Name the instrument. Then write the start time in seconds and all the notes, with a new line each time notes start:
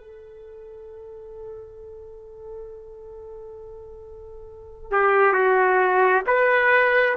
trumpet
0.00 A4
4.91 G4
5.33 F#4
6.26 B4